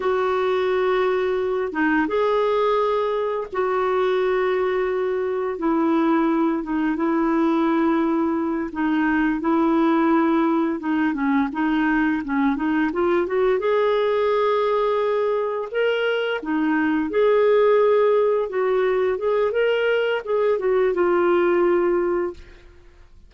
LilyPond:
\new Staff \with { instrumentName = "clarinet" } { \time 4/4 \tempo 4 = 86 fis'2~ fis'8 dis'8 gis'4~ | gis'4 fis'2. | e'4. dis'8 e'2~ | e'8 dis'4 e'2 dis'8 |
cis'8 dis'4 cis'8 dis'8 f'8 fis'8 gis'8~ | gis'2~ gis'8 ais'4 dis'8~ | dis'8 gis'2 fis'4 gis'8 | ais'4 gis'8 fis'8 f'2 | }